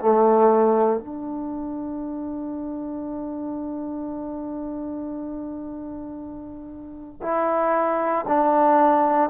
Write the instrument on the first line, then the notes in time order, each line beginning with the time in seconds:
trombone
0.00 A3
1.00 D4
7.23 E4
8.28 D4